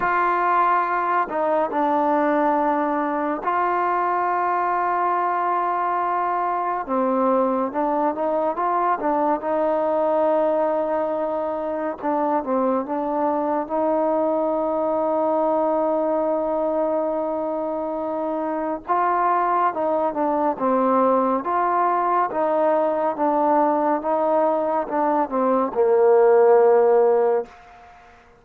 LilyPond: \new Staff \with { instrumentName = "trombone" } { \time 4/4 \tempo 4 = 70 f'4. dis'8 d'2 | f'1 | c'4 d'8 dis'8 f'8 d'8 dis'4~ | dis'2 d'8 c'8 d'4 |
dis'1~ | dis'2 f'4 dis'8 d'8 | c'4 f'4 dis'4 d'4 | dis'4 d'8 c'8 ais2 | }